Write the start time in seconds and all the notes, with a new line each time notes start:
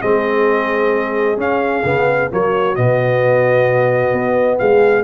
0.00 G#3 C4 G#4 D#5
1.37 C#4 F5
1.85 C#3 B3
2.31 F#3 A#3 F#4 C#5
2.76 B2 B3 D#5
4.13 B3
4.59 G#3 G#4 F5